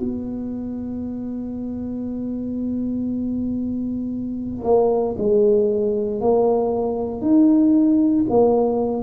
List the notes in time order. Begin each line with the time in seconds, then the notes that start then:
0.00 B3
4.64 A#3
5.18 G#3
6.21 A#3
7.21 D#4
8.29 A#3